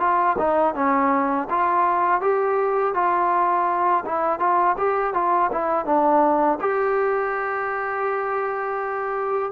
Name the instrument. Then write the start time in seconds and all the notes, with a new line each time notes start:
trombone
0.00 F4
0.39 D#4
0.75 C#4
1.50 F4
2.21 G4
2.94 F4
4.06 E4
4.40 F4
4.78 G4
5.14 F4
5.52 E4
5.86 D4
6.61 G4